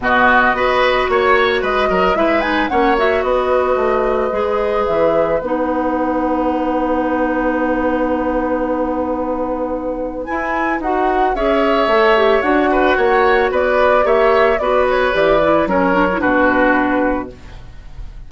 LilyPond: <<
  \new Staff \with { instrumentName = "flute" } { \time 4/4 \tempo 4 = 111 dis''2 cis''4 dis''4 | e''8 gis''8 fis''8 e''8 dis''2~ | dis''4 e''4 fis''2~ | fis''1~ |
fis''2. gis''4 | fis''4 e''2 fis''4~ | fis''4 d''4 e''4 d''8 cis''8 | d''4 cis''4 b'2 | }
  \new Staff \with { instrumentName = "oboe" } { \time 4/4 fis'4 b'4 cis''4 b'8 ais'8 | b'4 cis''4 b'2~ | b'1~ | b'1~ |
b'1~ | b'4 cis''2~ cis''8 b'8 | cis''4 b'4 cis''4 b'4~ | b'4 ais'4 fis'2 | }
  \new Staff \with { instrumentName = "clarinet" } { \time 4/4 b4 fis'2. | e'8 dis'8 cis'8 fis'2~ fis'8 | gis'2 dis'2~ | dis'1~ |
dis'2. e'4 | fis'4 gis'4 a'8 g'8 fis'4~ | fis'2 g'4 fis'4 | g'8 e'8 cis'8 d'16 e'16 d'2 | }
  \new Staff \with { instrumentName = "bassoon" } { \time 4/4 b,4 b4 ais4 gis8 fis8 | gis4 ais4 b4 a4 | gis4 e4 b2~ | b1~ |
b2. e'4 | dis'4 cis'4 a4 d'4 | ais4 b4 ais4 b4 | e4 fis4 b,2 | }
>>